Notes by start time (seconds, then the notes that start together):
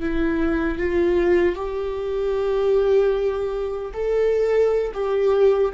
0.00 E4
0.78 F4
1.55 G4
3.93 A4
4.93 G4